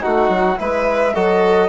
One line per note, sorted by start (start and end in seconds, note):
0.00 0.29 A3
0.00 0.56 D#4
0.00 0.59 F#4
0.00 0.58 F#5
0.29 0.57 F#3
0.56 1.15 G#3
0.56 1.12 E4
0.56 1.14 B4
0.56 1.15 E5
1.14 1.69 F#3
1.14 1.69 F#4
1.14 1.69 A4
1.14 1.69 D#5